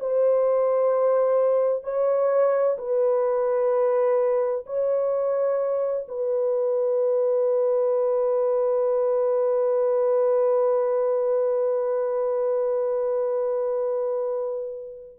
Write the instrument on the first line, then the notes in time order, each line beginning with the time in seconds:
horn
0.00 C5
1.84 C#5
2.79 B4
4.67 C#5
6.09 B4